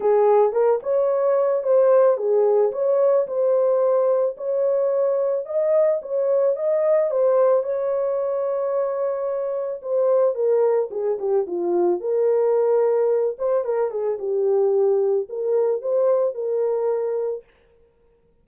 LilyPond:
\new Staff \with { instrumentName = "horn" } { \time 4/4 \tempo 4 = 110 gis'4 ais'8 cis''4. c''4 | gis'4 cis''4 c''2 | cis''2 dis''4 cis''4 | dis''4 c''4 cis''2~ |
cis''2 c''4 ais'4 | gis'8 g'8 f'4 ais'2~ | ais'8 c''8 ais'8 gis'8 g'2 | ais'4 c''4 ais'2 | }